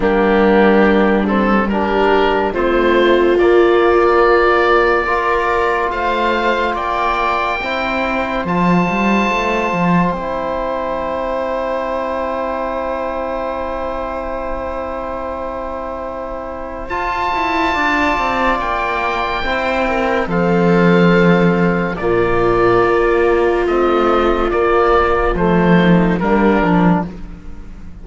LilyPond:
<<
  \new Staff \with { instrumentName = "oboe" } { \time 4/4 \tempo 4 = 71 g'4. a'8 ais'4 c''4 | d''2. f''4 | g''2 a''2 | g''1~ |
g''1 | a''2 g''2 | f''2 d''2 | dis''4 d''4 c''4 ais'4 | }
  \new Staff \with { instrumentName = "viola" } { \time 4/4 d'2 g'4 f'4~ | f'2 ais'4 c''4 | d''4 c''2.~ | c''1~ |
c''1~ | c''4 d''2 c''8 ais'8 | a'2 f'2~ | f'2~ f'8 dis'8 d'4 | }
  \new Staff \with { instrumentName = "trombone" } { \time 4/4 ais4. c'8 d'4 c'4 | ais2 f'2~ | f'4 e'4 f'2 | e'1~ |
e'1 | f'2. e'4 | c'2 ais2 | c'4 ais4 a4 ais8 d'8 | }
  \new Staff \with { instrumentName = "cello" } { \time 4/4 g2. a4 | ais2. a4 | ais4 c'4 f8 g8 a8 f8 | c'1~ |
c'1 | f'8 e'8 d'8 c'8 ais4 c'4 | f2 ais,4 ais4 | a4 ais4 f4 g8 f8 | }
>>